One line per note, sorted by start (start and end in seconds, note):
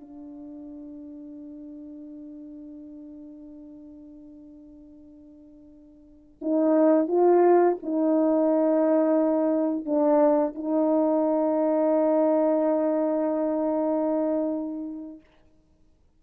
0.00 6.38 D4
6.41 7.08 D#4
7.08 7.76 F4
7.82 9.85 D#4
9.85 10.54 D4
10.54 15.20 D#4